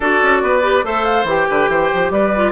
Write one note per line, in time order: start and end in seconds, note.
0.00 0.21 D4
0.00 0.62 F#4
0.00 0.42 A4
0.00 0.85 D5
0.22 0.42 C#4
0.42 0.83 B3
0.42 0.85 B4
0.62 0.83 G4
0.83 1.24 A3
0.83 1.26 A4
0.83 1.48 C5
0.83 1.04 E5
1.04 1.25 F5
1.24 1.45 E3
1.24 2.33 G4
1.24 2.11 G5
1.49 1.68 D3
1.49 1.70 B4
1.68 1.89 E3
1.68 2.12 C5
1.94 2.10 F3
2.10 2.52 G3
2.10 2.52 B4
2.10 2.52 D5
2.35 2.52 F4